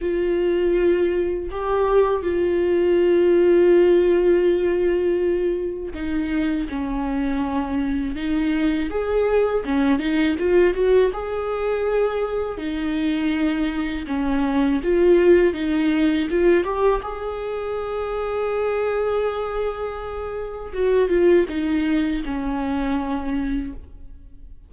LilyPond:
\new Staff \with { instrumentName = "viola" } { \time 4/4 \tempo 4 = 81 f'2 g'4 f'4~ | f'1 | dis'4 cis'2 dis'4 | gis'4 cis'8 dis'8 f'8 fis'8 gis'4~ |
gis'4 dis'2 cis'4 | f'4 dis'4 f'8 g'8 gis'4~ | gis'1 | fis'8 f'8 dis'4 cis'2 | }